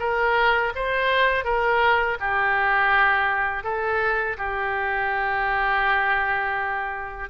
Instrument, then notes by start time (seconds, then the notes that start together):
oboe
0.00 A#4
0.76 C5
1.45 A#4
2.21 G4
3.64 A4
4.38 G4